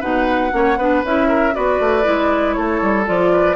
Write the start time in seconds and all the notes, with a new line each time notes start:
0.00 B2 D#4 B4 F#5
0.51 A#3 C#4 C#5
0.77 B3 D4 B4
1.04 C#4 E4 E5
1.28 A#4
1.53 B3 F#4 B4 D5
1.80 A3
2.03 G#3 E4
2.53 A3 A4 C#5
2.82 G3
3.05 F3 F4 D5
3.32 B4